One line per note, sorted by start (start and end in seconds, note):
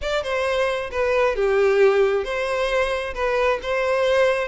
0.01 0.23 D5
0.23 0.90 C5
0.91 1.35 B4
1.35 2.24 G4
2.24 3.13 C5
3.14 3.59 B4
3.62 4.48 C5